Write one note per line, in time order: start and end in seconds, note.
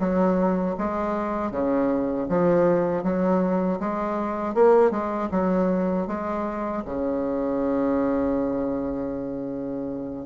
0.00 0.76 F#3
0.78 1.52 G#3
1.52 2.28 C#3
2.29 3.04 F3
3.04 3.80 F#3
3.80 4.55 G#3
4.55 4.91 A#3
4.91 5.29 G#3
5.32 6.08 F#3
6.08 6.84 G#3
6.86 10.26 C#3